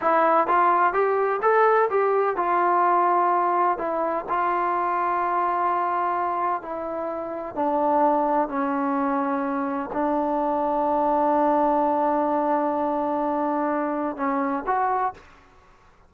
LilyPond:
\new Staff \with { instrumentName = "trombone" } { \time 4/4 \tempo 4 = 127 e'4 f'4 g'4 a'4 | g'4 f'2. | e'4 f'2.~ | f'2 e'2 |
d'2 cis'2~ | cis'4 d'2.~ | d'1~ | d'2 cis'4 fis'4 | }